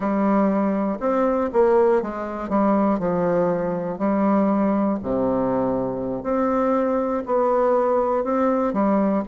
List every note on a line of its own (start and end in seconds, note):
0.00 0.98 G3
1.00 1.50 C4
1.53 2.02 A#3
2.02 2.49 G#3
2.49 2.99 G3
2.99 3.98 F3
3.98 4.98 G3
5.02 6.23 C3
6.23 7.23 C4
7.25 8.24 B3
8.24 8.73 C4
8.73 9.23 G3